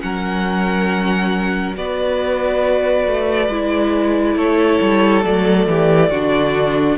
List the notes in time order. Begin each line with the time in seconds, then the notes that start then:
0.00 F#3 C#4 A#4 F#5
1.76 B3 F#4 B4 D5
3.07 A3
3.48 G#3 E4
4.35 A3 A4 C#5
4.81 G3
5.23 F#3 A3 D5
5.66 E3 G4
6.10 D3 D4 F#4